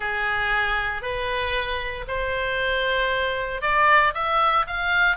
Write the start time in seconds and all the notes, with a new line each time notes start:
0.00 G#4
1.02 B4
2.07 C5
3.61 D5
4.14 E5
4.67 F5